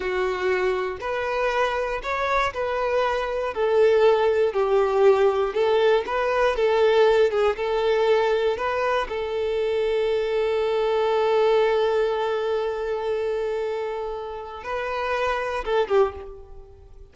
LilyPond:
\new Staff \with { instrumentName = "violin" } { \time 4/4 \tempo 4 = 119 fis'2 b'2 | cis''4 b'2 a'4~ | a'4 g'2 a'4 | b'4 a'4. gis'8 a'4~ |
a'4 b'4 a'2~ | a'1~ | a'1~ | a'4 b'2 a'8 g'8 | }